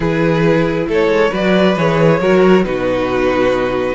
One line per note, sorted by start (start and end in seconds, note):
0.00 0.87 E3
0.00 1.30 E4
0.00 0.87 G#4
0.00 0.89 B4
0.88 1.07 A3
0.88 1.31 A4
0.88 1.34 C#5
1.07 1.29 G#3
1.31 1.76 F#3
1.31 1.76 F#4
1.31 2.19 B4
1.31 1.77 D5
1.76 2.20 E3
1.76 2.21 G#4
1.76 2.64 C#5
2.20 2.64 F#3
2.20 2.64 F#4
2.20 2.64 A#4
2.64 3.95 B2
2.64 3.95 D#4
2.64 3.95 F#4
2.64 3.95 B4